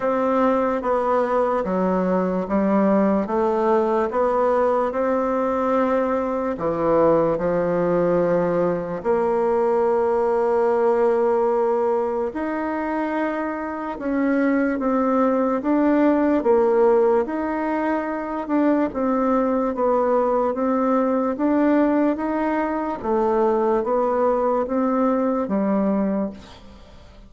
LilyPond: \new Staff \with { instrumentName = "bassoon" } { \time 4/4 \tempo 4 = 73 c'4 b4 fis4 g4 | a4 b4 c'2 | e4 f2 ais4~ | ais2. dis'4~ |
dis'4 cis'4 c'4 d'4 | ais4 dis'4. d'8 c'4 | b4 c'4 d'4 dis'4 | a4 b4 c'4 g4 | }